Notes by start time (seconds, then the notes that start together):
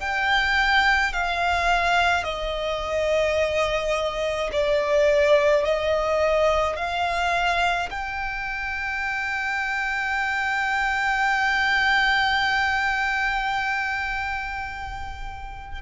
0.00 G5
1.13 F5
2.24 D#5
4.52 D5
5.64 D#5
6.77 F5
7.90 G5